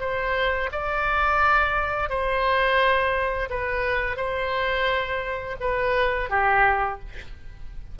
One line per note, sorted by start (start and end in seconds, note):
0.00 0.70 C5
0.72 2.09 D5
2.09 3.49 C5
3.50 4.17 B4
4.17 5.56 C5
5.60 6.30 B4
6.30 7.00 G4